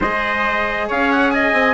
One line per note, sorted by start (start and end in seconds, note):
0.00 0.90 G#3
0.00 1.74 G#4
0.00 0.88 C5
0.00 0.90 D#5
0.88 1.52 C#4
0.88 1.32 C#5
0.88 1.11 F5
1.11 1.30 F#5
1.30 1.74 D#5
1.30 1.74 G#5
1.52 1.74 C4